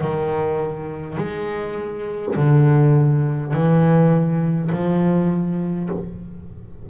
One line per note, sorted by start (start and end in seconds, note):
0.00 1.17 D#3
1.17 2.35 G#3
2.35 3.52 D3
3.52 4.70 E3
4.72 5.89 F3